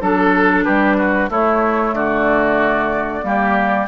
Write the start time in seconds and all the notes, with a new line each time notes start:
0.00 F#3 D4 A4
0.64 G3 G4 B4
0.97 F#4
1.29 A3 E4 C#5
1.92 D3 F#4 D5
3.22 G3 A#3 G4